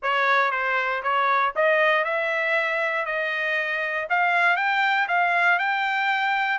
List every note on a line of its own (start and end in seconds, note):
0.02 0.51 C#5
0.51 1.02 C5
1.03 1.53 C#5
1.55 2.04 D#5
2.04 3.05 E5
3.05 4.07 D#5
4.09 4.56 F5
4.56 5.07 G5
5.08 5.58 F5
5.59 6.58 G5